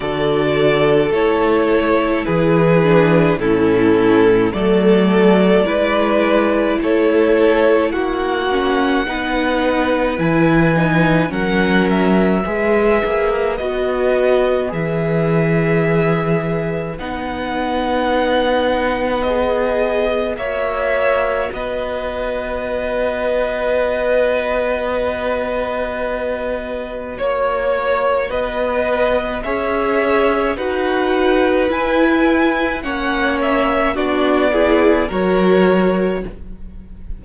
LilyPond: <<
  \new Staff \with { instrumentName = "violin" } { \time 4/4 \tempo 4 = 53 d''4 cis''4 b'4 a'4 | d''2 cis''4 fis''4~ | fis''4 gis''4 fis''8 e''4. | dis''4 e''2 fis''4~ |
fis''4 dis''4 e''4 dis''4~ | dis''1 | cis''4 dis''4 e''4 fis''4 | gis''4 fis''8 e''8 d''4 cis''4 | }
  \new Staff \with { instrumentName = "violin" } { \time 4/4 a'2 gis'4 e'4 | a'4 b'4 a'4 fis'4 | b'2 ais'4 b'4~ | b'1~ |
b'2 cis''4 b'4~ | b'1 | cis''4 b'4 cis''4 b'4~ | b'4 cis''4 fis'8 gis'8 ais'4 | }
  \new Staff \with { instrumentName = "viola" } { \time 4/4 fis'4 e'4. d'8 cis'4 | a4 e'2~ e'8 cis'8 | dis'4 e'8 dis'8 cis'4 gis'4 | fis'4 gis'2 dis'4~ |
dis'4 gis'4 fis'2~ | fis'1~ | fis'2 gis'4 fis'4 | e'4 cis'4 d'8 e'8 fis'4 | }
  \new Staff \with { instrumentName = "cello" } { \time 4/4 d4 a4 e4 a,4 | fis4 gis4 a4 ais4 | b4 e4 fis4 gis8 ais8 | b4 e2 b4~ |
b2 ais4 b4~ | b1 | ais4 b4 cis'4 dis'4 | e'4 ais4 b4 fis4 | }
>>